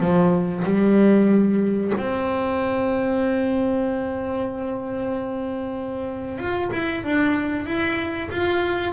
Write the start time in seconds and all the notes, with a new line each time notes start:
0.00 F3
0.65 G3
1.97 C4
6.38 F4
6.72 E4
7.04 D4
7.66 E4
8.31 F4